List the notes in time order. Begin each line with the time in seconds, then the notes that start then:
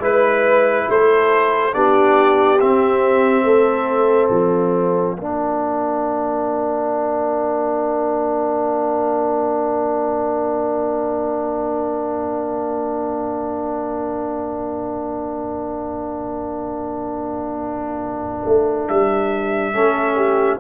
0.00 G#3 E4 B4
0.89 A3 A4 C5
1.72 B3 D4 G4 D5
2.61 C4 E5
3.44 A3 A4
4.31 F3 F5
5.16 A#3 D4 A#4
18.46 A3
18.89 G3 E5
19.74 A3 C#4 A4
20.16 G4